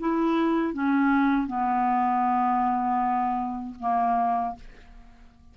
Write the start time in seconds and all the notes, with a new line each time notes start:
0.00 E4
0.74 C#4
1.47 B3
3.80 A#3